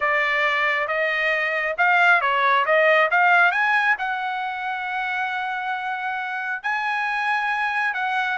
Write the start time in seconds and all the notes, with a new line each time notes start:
0.00 D5
0.87 D#5
1.77 F5
2.21 C#5
2.65 D#5
3.10 F5
3.51 G#5
3.98 F#5
6.62 G#5
7.94 F#5